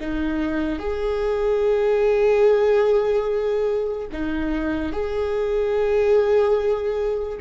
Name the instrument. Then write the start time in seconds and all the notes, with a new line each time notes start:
viola
0.00 D#4
0.78 G#4
4.12 D#4
4.92 G#4